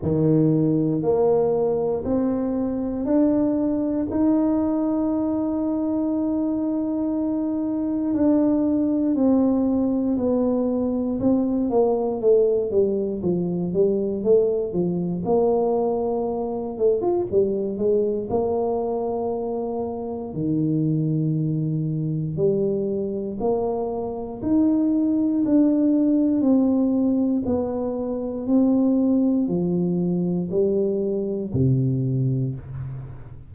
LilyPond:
\new Staff \with { instrumentName = "tuba" } { \time 4/4 \tempo 4 = 59 dis4 ais4 c'4 d'4 | dis'1 | d'4 c'4 b4 c'8 ais8 | a8 g8 f8 g8 a8 f8 ais4~ |
ais8 a16 f'16 g8 gis8 ais2 | dis2 g4 ais4 | dis'4 d'4 c'4 b4 | c'4 f4 g4 c4 | }